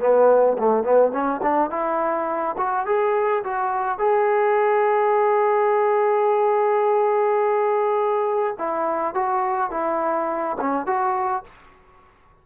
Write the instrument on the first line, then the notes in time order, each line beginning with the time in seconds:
trombone
0.00 B3
0.58 A3
0.84 B3
1.12 C#4
1.42 D4
1.70 E4
2.58 F#4
2.86 G#4
3.44 F#4
3.99 G#4
8.59 E4
9.15 F#4
9.71 E4
10.61 C#4
10.86 F#4